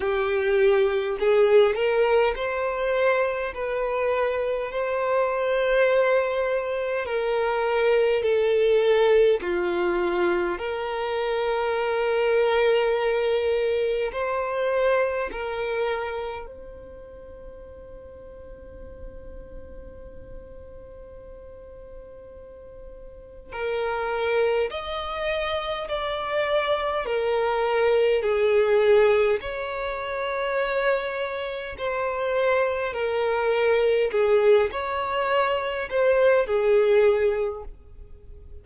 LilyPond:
\new Staff \with { instrumentName = "violin" } { \time 4/4 \tempo 4 = 51 g'4 gis'8 ais'8 c''4 b'4 | c''2 ais'4 a'4 | f'4 ais'2. | c''4 ais'4 c''2~ |
c''1 | ais'4 dis''4 d''4 ais'4 | gis'4 cis''2 c''4 | ais'4 gis'8 cis''4 c''8 gis'4 | }